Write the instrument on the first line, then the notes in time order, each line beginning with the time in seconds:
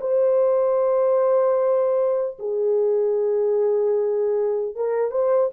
horn
0.00 C5
2.39 G#4
4.75 A#4
5.11 C5